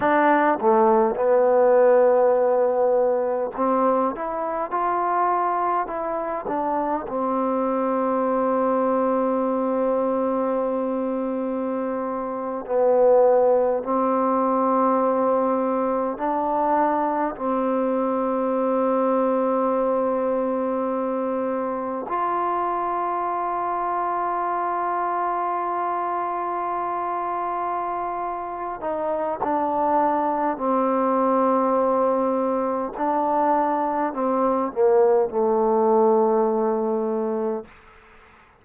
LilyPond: \new Staff \with { instrumentName = "trombone" } { \time 4/4 \tempo 4 = 51 d'8 a8 b2 c'8 e'8 | f'4 e'8 d'8 c'2~ | c'2~ c'8. b4 c'16~ | c'4.~ c'16 d'4 c'4~ c'16~ |
c'2~ c'8. f'4~ f'16~ | f'1~ | f'8 dis'8 d'4 c'2 | d'4 c'8 ais8 a2 | }